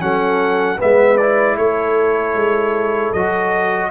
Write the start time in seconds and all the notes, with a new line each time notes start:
0.00 F#3 C#4 A4 F#5
0.77 G#3 B3 B4 E5
1.17 E4 D5
1.57 A3 A4 C#5
2.35 G#3
3.13 F#3 F#4 D#5